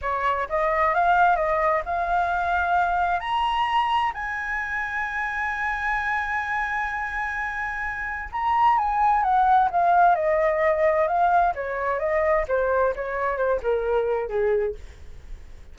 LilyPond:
\new Staff \with { instrumentName = "flute" } { \time 4/4 \tempo 4 = 130 cis''4 dis''4 f''4 dis''4 | f''2. ais''4~ | ais''4 gis''2.~ | gis''1~ |
gis''2 ais''4 gis''4 | fis''4 f''4 dis''2 | f''4 cis''4 dis''4 c''4 | cis''4 c''8 ais'4. gis'4 | }